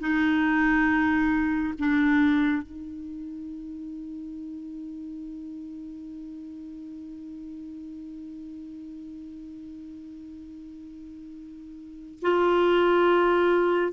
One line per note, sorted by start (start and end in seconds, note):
0.00 1.74 D#4
1.79 2.62 D4
2.62 12.19 D#4
12.22 13.92 F4